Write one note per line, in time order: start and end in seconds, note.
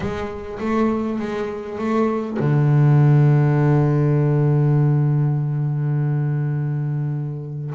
0.00 0.59 G#3
0.59 1.19 A3
1.19 1.78 G#3
1.78 2.37 A3
2.39 7.74 D3